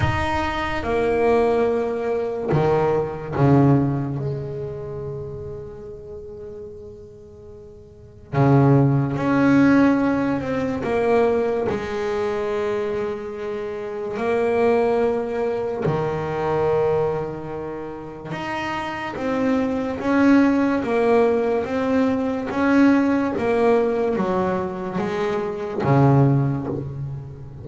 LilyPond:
\new Staff \with { instrumentName = "double bass" } { \time 4/4 \tempo 4 = 72 dis'4 ais2 dis4 | cis4 gis2.~ | gis2 cis4 cis'4~ | cis'8 c'8 ais4 gis2~ |
gis4 ais2 dis4~ | dis2 dis'4 c'4 | cis'4 ais4 c'4 cis'4 | ais4 fis4 gis4 cis4 | }